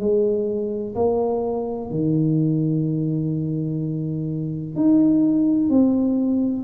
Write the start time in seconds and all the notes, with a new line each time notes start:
0.00 G#3
0.95 A#3
1.90 D#3
4.76 D#4
5.70 C4